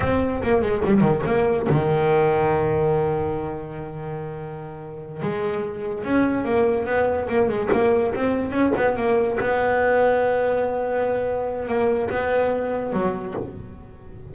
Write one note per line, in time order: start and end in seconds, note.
0.00 0.42 C4
0.42 0.61 A#3
0.61 0.82 G#3
0.84 1.00 G3
1.00 1.21 D#3
1.26 1.67 A#3
1.69 5.22 D#3
5.22 6.03 G#3
6.03 6.44 C#4
6.44 6.86 A#3
6.86 7.27 B3
7.28 7.48 A#3
7.48 7.69 G#3
7.72 8.14 A#3
8.14 8.51 C4
8.51 8.72 C#4
8.76 8.96 B3
8.96 9.38 A#3
9.40 11.68 B3
11.68 12.09 A#3
12.10 12.92 B3
12.92 13.34 F#3